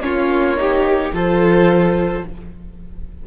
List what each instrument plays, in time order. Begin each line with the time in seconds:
0.00 cello A#3, viola C#4, violin F4 C#5
0.57 viola D#4, violin G4
1.13 cello F3, viola F4, violin A4 C5